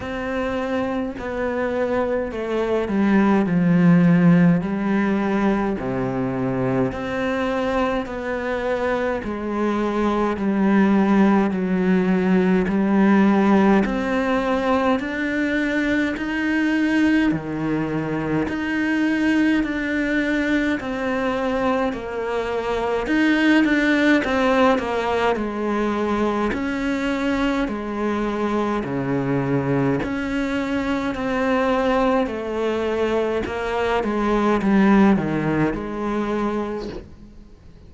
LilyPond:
\new Staff \with { instrumentName = "cello" } { \time 4/4 \tempo 4 = 52 c'4 b4 a8 g8 f4 | g4 c4 c'4 b4 | gis4 g4 fis4 g4 | c'4 d'4 dis'4 dis4 |
dis'4 d'4 c'4 ais4 | dis'8 d'8 c'8 ais8 gis4 cis'4 | gis4 cis4 cis'4 c'4 | a4 ais8 gis8 g8 dis8 gis4 | }